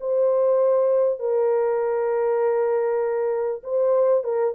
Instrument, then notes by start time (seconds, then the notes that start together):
horn
0.00 C5
1.19 A#4
3.63 C5
4.23 A#4